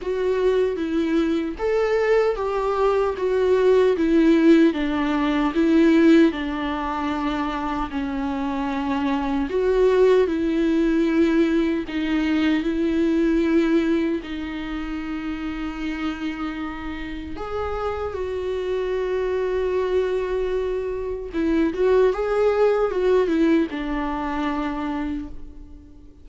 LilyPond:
\new Staff \with { instrumentName = "viola" } { \time 4/4 \tempo 4 = 76 fis'4 e'4 a'4 g'4 | fis'4 e'4 d'4 e'4 | d'2 cis'2 | fis'4 e'2 dis'4 |
e'2 dis'2~ | dis'2 gis'4 fis'4~ | fis'2. e'8 fis'8 | gis'4 fis'8 e'8 d'2 | }